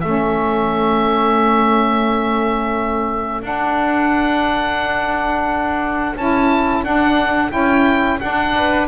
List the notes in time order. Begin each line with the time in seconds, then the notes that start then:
0.00 A3 C#4 A4 E5
3.41 D4 F#5
6.15 C#4 E4 A5
6.83 D4 F#5
7.49 C#4 E4 G5
8.20 D4 F#5
8.55 B4